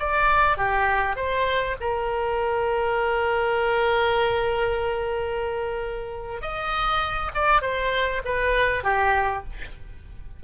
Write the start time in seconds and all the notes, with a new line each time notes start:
0.00 D5
0.58 G4
1.16 C5
1.81 A#4
6.42 D#5
7.35 D5
7.62 C5
8.25 B4
8.84 G4